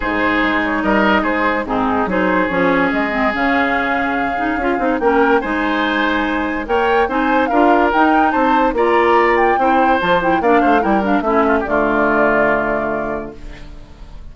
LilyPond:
<<
  \new Staff \with { instrumentName = "flute" } { \time 4/4 \tempo 4 = 144 c''4. cis''8 dis''4 c''4 | gis'4 c''4 cis''4 dis''4 | f''1 | g''4 gis''2. |
g''4 gis''4 f''4 g''4 | a''4 ais''4. g''4. | a''8 g''8 f''4 g''8 f''8 e''4 | d''1 | }
  \new Staff \with { instrumentName = "oboe" } { \time 4/4 gis'2 ais'4 gis'4 | dis'4 gis'2.~ | gis'1 | ais'4 c''2. |
cis''4 c''4 ais'2 | c''4 d''2 c''4~ | c''4 d''8 c''8 ais'4 e'8 f'16 g'16 | f'1 | }
  \new Staff \with { instrumentName = "clarinet" } { \time 4/4 dis'1 | c'4 dis'4 cis'4. c'8 | cis'2~ cis'8 dis'8 f'8 dis'8 | cis'4 dis'2. |
ais'4 dis'4 f'4 dis'4~ | dis'4 f'2 e'4 | f'8 e'8 d'4 e'8 d'8 cis'4 | a1 | }
  \new Staff \with { instrumentName = "bassoon" } { \time 4/4 gis,4 gis4 g4 gis4 | gis,4 fis4 f4 gis4 | cis2. cis'8 c'8 | ais4 gis2. |
ais4 c'4 d'4 dis'4 | c'4 ais2 c'4 | f4 ais8 a8 g4 a4 | d1 | }
>>